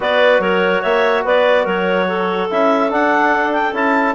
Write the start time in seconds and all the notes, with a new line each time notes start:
0.00 B3 F#4 B4 D5
0.39 F#3 A#4 C#5
0.81 A#3 C#5 E5
1.24 B3 B4 D5
1.63 F#3 A#4 C#5
2.08 A4
2.50 C#4 E4 E5
2.89 D4 F#5
3.52 G5
3.73 C#4 E4 A5